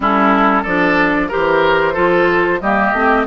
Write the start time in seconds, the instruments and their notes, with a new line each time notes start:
0.00 bassoon G3, clarinet C#4, oboe E4, flute A4
0.62 bassoon F3, clarinet D4, oboe A4, flute D5
1.28 clarinet G4, oboe A#4, flute C5
1.34 bassoon E3
1.93 bassoon F3, clarinet F4, oboe A4
2.60 bassoon G3, clarinet A#3, oboe G4, flute D#5
2.93 bassoon A3, clarinet C4